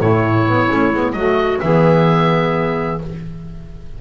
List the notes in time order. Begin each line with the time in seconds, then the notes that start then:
0.00 A2 A3 E4 C#5
0.47 B3
0.69 A3 C#4
0.93 G#3 B3
1.13 F#3 A3 F#4 D#5
1.61 E3 B3 G#4 E5